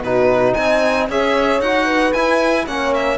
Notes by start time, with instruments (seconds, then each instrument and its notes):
0.00 cello B2, trombone D#4, horn F#4, violin B4
0.53 cello C4, horn D#5, violin G#5
1.08 cello C#4, trombone G#4, horn C#5, violin E5
1.60 cello D#4, trombone F#4, violin F#5
1.84 horn B4
2.12 trombone E4, cello E4, violin G#5
2.66 cello A#3, trombone C#4, horn C#5, violin F#5
2.94 violin E5